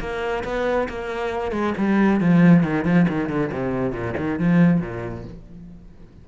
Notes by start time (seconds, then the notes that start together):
0.00 A#3
0.44 B3
0.89 A#3
1.52 G#3
1.78 G3
2.20 F3
2.63 D#3
2.85 F3
3.09 D#3
3.29 D3
3.52 C3
3.92 A#2
4.17 D#3
4.39 F3
4.81 A#2